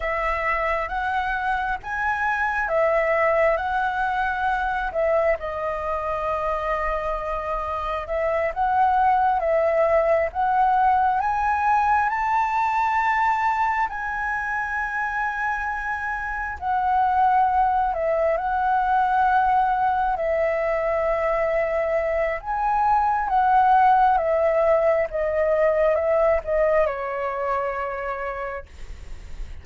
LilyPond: \new Staff \with { instrumentName = "flute" } { \time 4/4 \tempo 4 = 67 e''4 fis''4 gis''4 e''4 | fis''4. e''8 dis''2~ | dis''4 e''8 fis''4 e''4 fis''8~ | fis''8 gis''4 a''2 gis''8~ |
gis''2~ gis''8 fis''4. | e''8 fis''2 e''4.~ | e''4 gis''4 fis''4 e''4 | dis''4 e''8 dis''8 cis''2 | }